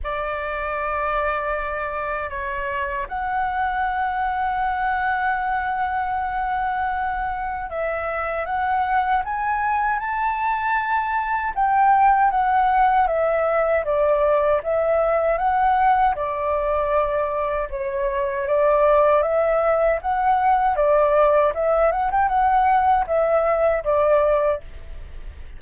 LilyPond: \new Staff \with { instrumentName = "flute" } { \time 4/4 \tempo 4 = 78 d''2. cis''4 | fis''1~ | fis''2 e''4 fis''4 | gis''4 a''2 g''4 |
fis''4 e''4 d''4 e''4 | fis''4 d''2 cis''4 | d''4 e''4 fis''4 d''4 | e''8 fis''16 g''16 fis''4 e''4 d''4 | }